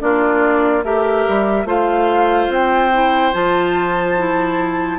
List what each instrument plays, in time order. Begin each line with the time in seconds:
0.00 bassoon A#3, clarinet D4, oboe F4, flute D5
0.84 bassoon A3, clarinet G4, oboe A#4, flute E5
1.28 bassoon G3
1.65 bassoon A3, clarinet F4, oboe C5, flute F5
2.49 bassoon C4, flute G5
2.93 clarinet E4
3.33 bassoon F3, clarinet F4, flute A5
4.18 clarinet E4